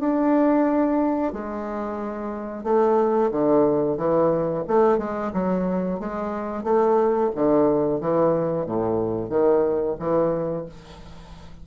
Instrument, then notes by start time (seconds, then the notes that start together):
bassoon
0.00 D4
1.33 G#3
2.64 A3
3.31 D3
3.98 E3
4.68 A3
4.98 G#3
5.34 F#3
6.00 G#3
6.64 A3
7.35 D3
8.01 E3
8.66 A2
9.30 D#3
9.99 E3